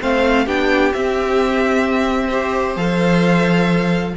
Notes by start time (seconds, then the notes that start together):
0.00 A3 C4 C5 F5
0.45 B3 D4 G4 G5
0.92 C4 E5
2.28 G4 C5
2.76 F3 A4 F5